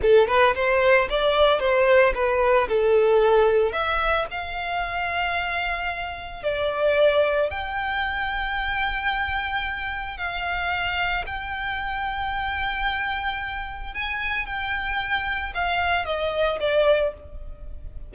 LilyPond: \new Staff \with { instrumentName = "violin" } { \time 4/4 \tempo 4 = 112 a'8 b'8 c''4 d''4 c''4 | b'4 a'2 e''4 | f''1 | d''2 g''2~ |
g''2. f''4~ | f''4 g''2.~ | g''2 gis''4 g''4~ | g''4 f''4 dis''4 d''4 | }